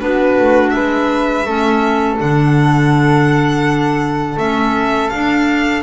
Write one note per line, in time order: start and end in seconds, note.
0.00 0.39 B3
0.00 1.46 D4
0.00 0.75 F#4
0.00 0.70 B4
0.40 0.75 A3
0.70 1.46 G#3
0.70 1.46 B4
0.70 2.16 E5
1.46 2.19 A3
1.46 2.18 C#4
1.46 5.84 A4
2.18 4.37 D3
2.18 4.38 D4
2.18 4.39 F#5
4.37 5.11 A3
4.37 5.12 C#4
4.37 5.10 E5
5.10 5.84 D4
5.10 5.83 F5